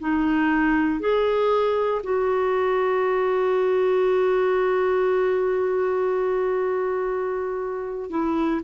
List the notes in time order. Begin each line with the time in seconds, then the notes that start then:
0.00 D#4
1.00 G#4
2.03 F#4
8.10 E4